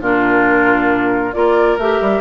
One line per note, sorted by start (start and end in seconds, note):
0.00 1.34 A#2
0.00 1.33 D4
0.00 1.35 F4
0.00 1.32 A#4
1.32 1.78 A#3
1.32 1.78 F4
1.32 2.21 A#4
1.32 1.77 D5
1.78 2.00 A3
1.78 2.21 G4
1.78 2.21 E5
2.01 2.21 G3